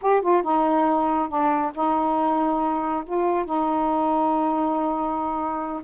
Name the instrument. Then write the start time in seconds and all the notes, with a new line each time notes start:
saxophone
0.01 G4
0.21 F4
0.43 D#4
1.28 D4
1.74 D#4
3.05 F4
3.45 D#4